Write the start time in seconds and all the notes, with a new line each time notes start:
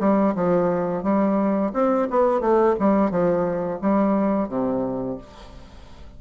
0.00 G3
0.35 F3
1.03 G3
1.74 C4
2.10 B3
2.41 A3
2.80 G3
3.11 F3
3.82 G3
4.49 C3